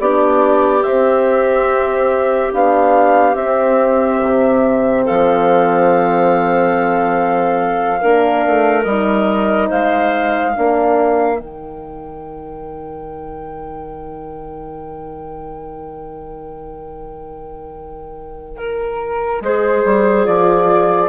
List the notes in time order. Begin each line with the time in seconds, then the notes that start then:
0.00 B3 D4 G4 D5
0.83 C4 E5
2.53 B3 D4 F5
3.35 C4 E5
4.23 C3
5.05 F3 A4 F5
8.01 A#3 D4 A#4
8.48 A3
8.84 G3 D#4 D#5
9.69 G#3 C5 F5
10.52 A#3 D4 A#4
11.40 D#3 D#4 G5
18.58 A#4
19.41 G#3 G#4 C5
19.85 G3
20.24 F3 F4 D5